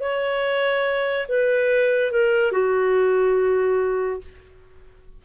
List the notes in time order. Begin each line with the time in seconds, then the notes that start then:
0.00 C#5
1.28 B4
2.12 A#4
2.52 F#4